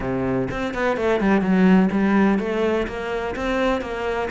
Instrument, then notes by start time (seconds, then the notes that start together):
cello
0.00 C3
0.50 C4
0.74 B3
0.96 A3
1.20 G3
1.41 F#3
1.91 G3
2.38 A3
2.87 A#3
3.35 C4
3.81 A#3